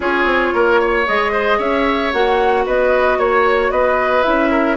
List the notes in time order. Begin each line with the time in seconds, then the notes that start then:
0.00 C#4 F4 G#4 C#5
0.24 C4
0.53 A#3 A#4
0.80 C#5
1.06 G#3 G#4 D#5
1.32 C5
1.58 C#4 C#5 E5
2.12 A#3 F#4 F#5
2.65 B3 B4 D#5
3.18 A#3 C#5
3.70 B3 B4 D#5
4.23 C#4 E4 E5
4.51 A#4